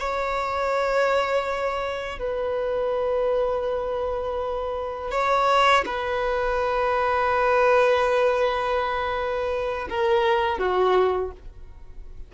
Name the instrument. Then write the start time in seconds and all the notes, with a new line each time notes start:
violin
0.00 C#5
2.19 B4
5.12 C#5
5.86 B4
9.90 A#4
10.59 F#4